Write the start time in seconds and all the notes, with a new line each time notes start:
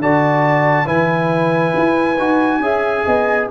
0.00 D3 F#4 D5 A5
0.86 E3 E4 B4 G#5
1.77 E4
2.19 D#4 F#4
2.60 C#4 G#4 E5
3.07 B3 D#5